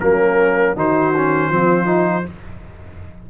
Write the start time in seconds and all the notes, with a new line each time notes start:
0.00 F#3 A#3 C#4 A#4
0.76 D#3 D#4 F#4 C5
1.17 C#4
1.50 F3 C4 F4
1.86 D#4